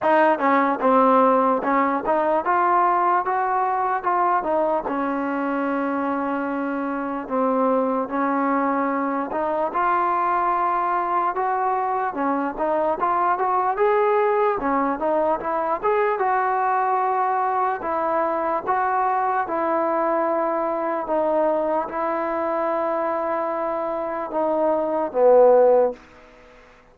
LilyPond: \new Staff \with { instrumentName = "trombone" } { \time 4/4 \tempo 4 = 74 dis'8 cis'8 c'4 cis'8 dis'8 f'4 | fis'4 f'8 dis'8 cis'2~ | cis'4 c'4 cis'4. dis'8 | f'2 fis'4 cis'8 dis'8 |
f'8 fis'8 gis'4 cis'8 dis'8 e'8 gis'8 | fis'2 e'4 fis'4 | e'2 dis'4 e'4~ | e'2 dis'4 b4 | }